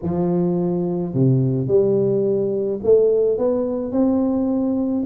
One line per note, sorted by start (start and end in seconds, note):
0.02 1.14 F3
1.14 1.67 C3
1.67 2.79 G3
2.83 3.37 A3
3.37 3.92 B3
3.92 5.04 C4